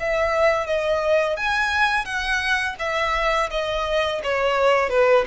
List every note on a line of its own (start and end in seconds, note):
0.00 0.67 E5
0.67 1.37 D#5
1.37 2.05 G#5
2.05 2.76 F#5
2.79 3.50 E5
3.51 4.22 D#5
4.24 4.90 C#5
4.90 5.25 B4